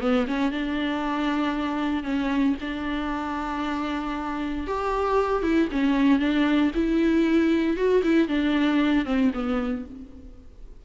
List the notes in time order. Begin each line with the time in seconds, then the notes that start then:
0.00 B3
0.27 C#4
0.51 D4
2.03 C#4
2.60 D4
4.67 G4
5.42 E4
5.71 C#4
6.19 D4
6.74 E4
7.76 F#4
8.03 E4
8.28 D4
9.05 C4
9.33 B3